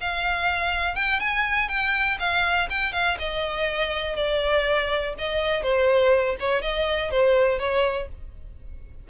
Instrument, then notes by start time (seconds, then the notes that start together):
violin
0.00 F5
0.95 G5
1.19 G#5
1.68 G5
2.19 F5
2.69 G5
2.92 F5
3.19 D#5
4.15 D5
5.18 D#5
5.62 C5
6.39 C#5
6.61 D#5
7.10 C5
7.58 C#5